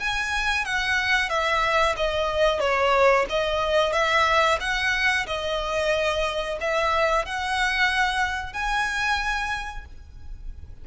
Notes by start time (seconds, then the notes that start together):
0.00 G#5
0.65 F#5
1.30 E5
1.97 D#5
2.60 C#5
3.30 D#5
3.93 E5
4.60 F#5
5.27 D#5
6.61 E5
7.25 F#5
8.53 G#5